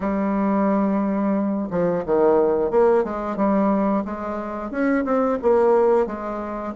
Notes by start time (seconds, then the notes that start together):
0.00 G3
1.70 F3
2.05 D#3
2.71 A#3
3.03 G#3
3.36 G3
4.04 G#3
4.70 C#4
5.04 C4
5.42 A#3
6.06 G#3